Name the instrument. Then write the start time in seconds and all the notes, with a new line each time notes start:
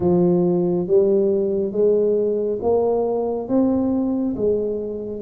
tuba
0.00 F3
0.87 G3
1.72 G#3
2.62 A#3
3.48 C4
4.36 G#3